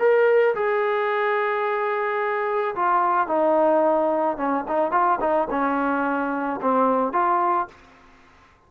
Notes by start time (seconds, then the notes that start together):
0.00 A#4
0.56 G#4
2.76 F4
3.28 D#4
4.38 C#4
4.68 D#4
4.92 F4
5.21 D#4
5.51 C#4
6.62 C4
7.13 F4